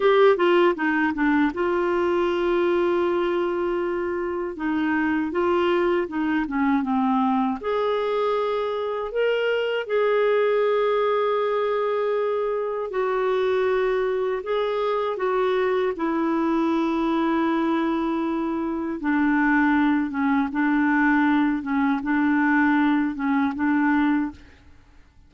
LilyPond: \new Staff \with { instrumentName = "clarinet" } { \time 4/4 \tempo 4 = 79 g'8 f'8 dis'8 d'8 f'2~ | f'2 dis'4 f'4 | dis'8 cis'8 c'4 gis'2 | ais'4 gis'2.~ |
gis'4 fis'2 gis'4 | fis'4 e'2.~ | e'4 d'4. cis'8 d'4~ | d'8 cis'8 d'4. cis'8 d'4 | }